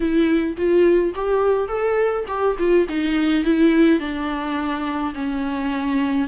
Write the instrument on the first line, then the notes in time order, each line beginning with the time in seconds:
viola
0.00 E4
0.57 F4
1.14 G4
1.68 A4
2.27 G4
2.58 F4
2.88 D#4
3.44 E4
3.99 D4
5.14 C#4